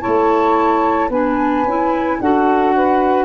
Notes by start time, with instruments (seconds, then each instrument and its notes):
0.00 tuba A3, clarinet E4, saxophone C#5, flute A5
1.09 tuba B3, clarinet D4, saxophone B4, flute G#5
1.63 tuba C#4, clarinet E4
2.20 tuba D4, clarinet F#4, saxophone A4, flute F#5
2.75 saxophone B4